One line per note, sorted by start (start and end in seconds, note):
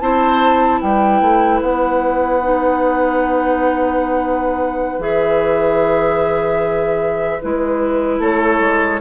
0.00 0.81 C4
0.00 2.41 E4
0.00 0.80 C5
0.00 0.80 A5
0.80 1.21 G3
0.80 8.20 B4
0.80 1.61 G5
1.21 1.61 A3
1.62 4.98 B3
1.62 5.02 F#5
2.42 5.00 D#4
4.98 7.38 E3
4.98 7.40 G#4
4.98 7.42 E5
7.41 8.19 G#3
7.41 9.00 E4
7.41 8.21 B4
8.19 8.59 A3
8.19 9.00 A4
8.19 9.00 C#5
8.59 8.99 G#3